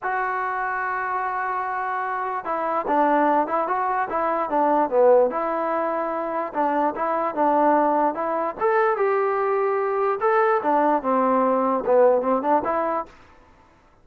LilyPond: \new Staff \with { instrumentName = "trombone" } { \time 4/4 \tempo 4 = 147 fis'1~ | fis'2 e'4 d'4~ | d'8 e'8 fis'4 e'4 d'4 | b4 e'2. |
d'4 e'4 d'2 | e'4 a'4 g'2~ | g'4 a'4 d'4 c'4~ | c'4 b4 c'8 d'8 e'4 | }